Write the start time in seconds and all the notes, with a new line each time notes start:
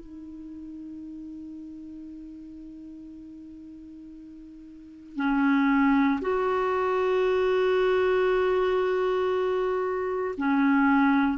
0.00 D#4
5.16 C#4
6.22 F#4
10.38 C#4